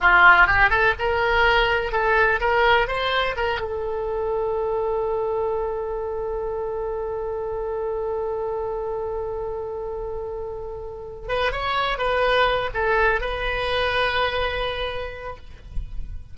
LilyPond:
\new Staff \with { instrumentName = "oboe" } { \time 4/4 \tempo 4 = 125 f'4 g'8 a'8 ais'2 | a'4 ais'4 c''4 ais'8 a'8~ | a'1~ | a'1~ |
a'1~ | a'2.~ a'8 b'8 | cis''4 b'4. a'4 b'8~ | b'1 | }